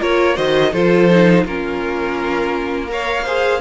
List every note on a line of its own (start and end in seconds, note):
0.00 0.38 A#3
0.00 0.35 F4
0.00 0.35 A#4
0.00 0.37 C#5
0.35 0.73 D#3
0.35 0.71 F#4
0.35 0.71 C5
0.35 0.73 D#5
0.72 1.45 F3
0.72 1.10 F4
0.72 1.45 A4
0.72 1.45 C5
1.10 1.46 D#4
1.46 3.61 A#3
1.46 2.87 C#4
1.46 2.90 F4
1.46 2.91 A#4
2.87 3.23 A#4
2.87 3.25 C#5
2.87 3.61 F5
3.25 3.61 G#4
3.25 3.61 C5